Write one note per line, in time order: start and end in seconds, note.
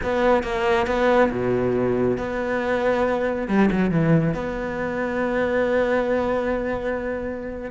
0.03 0.43 B3
0.43 0.86 A#3
0.86 1.30 B3
1.31 2.17 B2
2.17 3.47 B3
3.47 3.69 G3
3.71 3.91 F#3
3.91 4.34 E3
4.34 7.71 B3